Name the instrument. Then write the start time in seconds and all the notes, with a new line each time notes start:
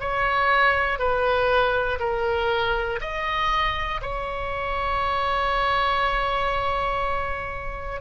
oboe
0.00 C#5
0.99 B4
2.00 A#4
3.00 D#5
4.01 C#5